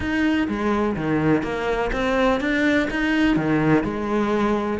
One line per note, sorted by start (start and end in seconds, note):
0.00 0.47 D#4
0.48 0.96 G#3
0.96 1.42 D#3
1.42 1.90 A#3
1.92 2.40 C4
2.40 2.88 D4
2.90 3.36 D#4
3.36 3.83 D#3
3.83 4.79 G#3